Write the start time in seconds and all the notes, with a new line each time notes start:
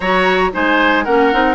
0.00 F#3 F#4 C#5 A#5
0.52 G#3 D#4 C5 G#5
1.04 A#3 C#4 A#4 F#5
1.32 C4 D#4